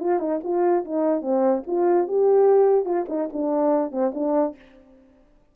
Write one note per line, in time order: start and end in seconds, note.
0.00 0.19 F4
0.19 0.40 D#4
0.44 0.85 F4
0.85 1.22 D#4
1.22 1.63 C4
1.67 2.08 F4
2.08 2.85 G4
2.85 3.06 F4
3.09 3.29 D#4
3.33 3.92 D4
3.92 4.12 C4
4.15 4.56 D4